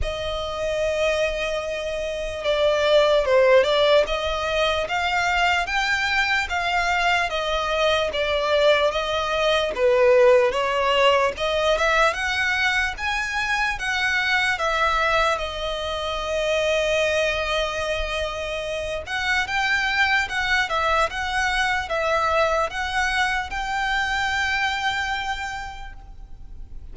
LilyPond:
\new Staff \with { instrumentName = "violin" } { \time 4/4 \tempo 4 = 74 dis''2. d''4 | c''8 d''8 dis''4 f''4 g''4 | f''4 dis''4 d''4 dis''4 | b'4 cis''4 dis''8 e''8 fis''4 |
gis''4 fis''4 e''4 dis''4~ | dis''2.~ dis''8 fis''8 | g''4 fis''8 e''8 fis''4 e''4 | fis''4 g''2. | }